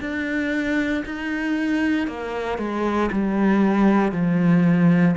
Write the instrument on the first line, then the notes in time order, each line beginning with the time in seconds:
cello
0.00 D4
1.05 D#4
2.07 A#3
2.58 G#3
3.12 G3
4.12 F3